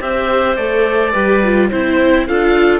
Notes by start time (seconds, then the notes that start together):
0.00 C4 G4 C5 E5
0.56 A3 A4 D5
1.13 G3 G4 B4
1.44 F4
1.70 C4 E4 C5
2.27 D4 F4 A4 F5